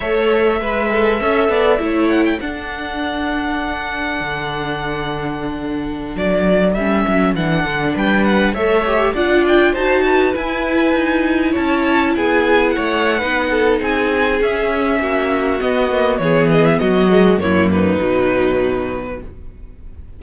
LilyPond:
<<
  \new Staff \with { instrumentName = "violin" } { \time 4/4 \tempo 4 = 100 e''2.~ e''8 fis''16 g''16 | fis''1~ | fis''2~ fis''16 d''4 e''8.~ | e''16 fis''4 g''8 fis''8 e''4 fis''8 g''16~ |
g''16 a''4 gis''2 a''8.~ | a''16 gis''4 fis''4.~ fis''16 gis''4 | e''2 dis''4 cis''8 dis''16 e''16 | dis''4 cis''8 b'2~ b'8 | }
  \new Staff \with { instrumentName = "violin" } { \time 4/4 cis''4 b'8 a'8 e''8 d''8 cis''4 | a'1~ | a'1~ | a'4~ a'16 b'4 cis''4 d''8.~ |
d''16 c''8 b'2~ b'8 cis''8.~ | cis''16 gis'4 cis''8. b'8 a'8 gis'4~ | gis'4 fis'2 gis'4 | fis'4 e'8 dis'2~ dis'8 | }
  \new Staff \with { instrumentName = "viola" } { \time 4/4 a'4 b'4 a'4 e'4 | d'1~ | d'2.~ d'16 cis'8.~ | cis'16 d'2 a'8 g'8 f'8.~ |
f'16 fis'4 e'2~ e'8.~ | e'2 dis'2 | cis'2 b8 ais8 b4~ | b8 gis8 ais4 fis2 | }
  \new Staff \with { instrumentName = "cello" } { \time 4/4 a4 gis4 cis'8 b8 a4 | d'2. d4~ | d2~ d16 fis4 g8 fis16~ | fis16 e8 d8 g4 a4 d'8.~ |
d'16 dis'4 e'4 dis'4 cis'8.~ | cis'16 b4 a8. b4 c'4 | cis'4 ais4 b4 e4 | fis4 fis,4 b,2 | }
>>